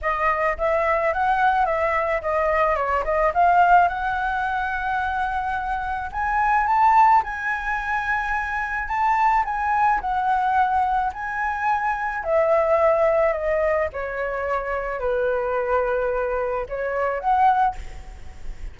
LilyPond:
\new Staff \with { instrumentName = "flute" } { \time 4/4 \tempo 4 = 108 dis''4 e''4 fis''4 e''4 | dis''4 cis''8 dis''8 f''4 fis''4~ | fis''2. gis''4 | a''4 gis''2. |
a''4 gis''4 fis''2 | gis''2 e''2 | dis''4 cis''2 b'4~ | b'2 cis''4 fis''4 | }